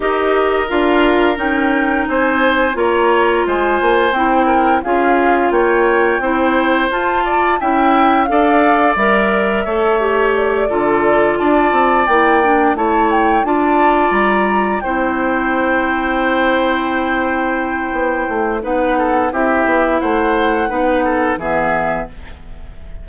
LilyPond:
<<
  \new Staff \with { instrumentName = "flute" } { \time 4/4 \tempo 4 = 87 dis''4 f''4 g''4 gis''4 | ais''4 gis''4 g''4 f''4 | g''2 a''4 g''4 | f''4 e''2 d''4~ |
d''8 a''4 g''4 a''8 g''8 a''8~ | a''8 ais''4 g''2~ g''8~ | g''2. fis''4 | e''4 fis''2 e''4 | }
  \new Staff \with { instrumentName = "oboe" } { \time 4/4 ais'2. c''4 | cis''4 c''4. ais'8 gis'4 | cis''4 c''4. d''8 e''4 | d''2 cis''4. a'8~ |
a'8 d''2 cis''4 d''8~ | d''4. c''2~ c''8~ | c''2. b'8 a'8 | g'4 c''4 b'8 a'8 gis'4 | }
  \new Staff \with { instrumentName = "clarinet" } { \time 4/4 g'4 f'4 dis'2 | f'2 e'4 f'4~ | f'4 e'4 f'4 e'4 | a'4 ais'4 a'8 g'4 f'8~ |
f'4. e'8 d'8 e'4 f'8~ | f'4. e'2~ e'8~ | e'2. dis'4 | e'2 dis'4 b4 | }
  \new Staff \with { instrumentName = "bassoon" } { \time 4/4 dis'4 d'4 cis'4 c'4 | ais4 gis8 ais8 c'4 cis'4 | ais4 c'4 f'4 cis'4 | d'4 g4 a4. d8~ |
d8 d'8 c'8 ais4 a4 d'8~ | d'8 g4 c'2~ c'8~ | c'2 b8 a8 b4 | c'8 b8 a4 b4 e4 | }
>>